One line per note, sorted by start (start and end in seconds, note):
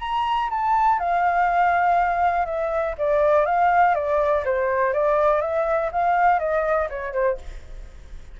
0.00 0.49 A#5
0.50 0.99 A5
0.99 2.45 F5
2.45 2.95 E5
2.98 3.45 D5
3.45 3.95 F5
3.95 4.44 D5
4.45 4.93 C5
4.93 5.41 D5
5.41 5.90 E5
5.92 6.39 F5
6.39 6.89 D#5
6.90 7.13 C#5
7.13 7.37 C5